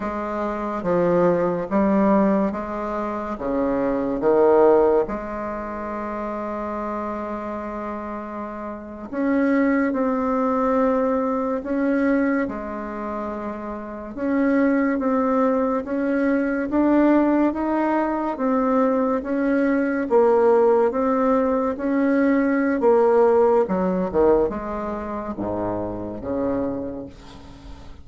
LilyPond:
\new Staff \with { instrumentName = "bassoon" } { \time 4/4 \tempo 4 = 71 gis4 f4 g4 gis4 | cis4 dis4 gis2~ | gis2~ gis8. cis'4 c'16~ | c'4.~ c'16 cis'4 gis4~ gis16~ |
gis8. cis'4 c'4 cis'4 d'16~ | d'8. dis'4 c'4 cis'4 ais16~ | ais8. c'4 cis'4~ cis'16 ais4 | fis8 dis8 gis4 gis,4 cis4 | }